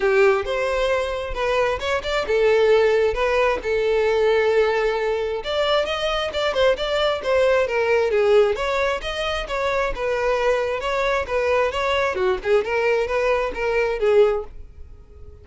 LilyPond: \new Staff \with { instrumentName = "violin" } { \time 4/4 \tempo 4 = 133 g'4 c''2 b'4 | cis''8 d''8 a'2 b'4 | a'1 | d''4 dis''4 d''8 c''8 d''4 |
c''4 ais'4 gis'4 cis''4 | dis''4 cis''4 b'2 | cis''4 b'4 cis''4 fis'8 gis'8 | ais'4 b'4 ais'4 gis'4 | }